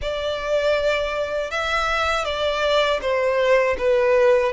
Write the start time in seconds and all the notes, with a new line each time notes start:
0.01 D5
1.50 E5
2.25 D5
3.01 C5
3.77 B4